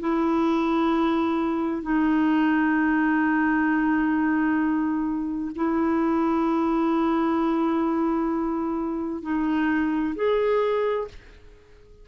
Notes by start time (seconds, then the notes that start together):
0.00 E4
1.82 D#4
5.56 E4
9.22 D#4
10.15 G#4